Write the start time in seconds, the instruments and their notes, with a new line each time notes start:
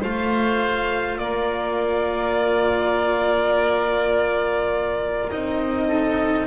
0.00 double bass A3, cello F4, oboe C5, violin F5
1.18 double bass A#3, oboe A#4, violin D5
5.31 double bass C4, cello D#4, violin D#5
5.87 oboe A4